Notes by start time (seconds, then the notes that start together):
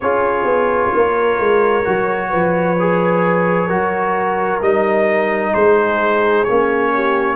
0.01 C#4 F4 G#4 C#5
0.44 B3
0.94 A#3 A#4
1.39 G#3
1.84 F#3 F#4
2.29 F3 B4
2.79 G#4
3.67 F#3 F#4 A#4
4.61 G3 D#4 D#5
5.53 G#3 G#4 C5
6.44 A#3 C#4 C#5
6.94 G4